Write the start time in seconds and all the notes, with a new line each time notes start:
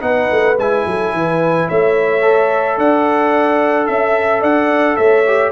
0.00 B3 D#4 B4 F#5
0.31 A3
0.58 G#3 E4 G#5
0.86 F#3 A4
1.13 E3 B4
1.68 A3 C#5 E5
2.21 A4
2.77 D4 D5 F#5
3.86 C#4 E5
4.41 D4 D5 F#5
4.96 A3 C#5 E5
5.26 G4